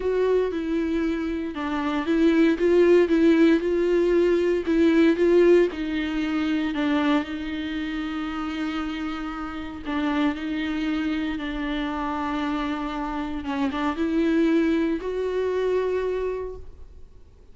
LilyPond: \new Staff \with { instrumentName = "viola" } { \time 4/4 \tempo 4 = 116 fis'4 e'2 d'4 | e'4 f'4 e'4 f'4~ | f'4 e'4 f'4 dis'4~ | dis'4 d'4 dis'2~ |
dis'2. d'4 | dis'2 d'2~ | d'2 cis'8 d'8 e'4~ | e'4 fis'2. | }